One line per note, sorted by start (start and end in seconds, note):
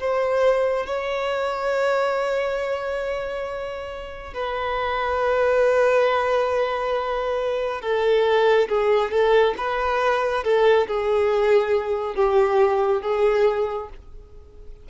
0.00 0.87 C5
0.87 4.34 C#5
4.34 7.82 B4
7.82 8.69 A4
8.69 9.11 G#4
9.11 9.55 A4
9.58 10.44 B4
10.44 10.88 A4
10.88 12.16 G#4
12.16 13.02 G4
13.02 13.89 G#4